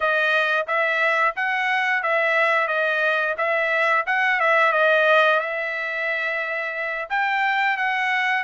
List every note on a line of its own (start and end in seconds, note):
0.00 0.66 D#5
0.67 1.35 E5
1.35 2.03 F#5
2.03 2.67 E5
2.67 3.35 D#5
3.37 4.04 E5
4.06 4.40 F#5
4.40 4.72 E5
4.72 5.39 D#5
5.39 7.08 E5
7.09 7.77 G5
7.77 8.43 F#5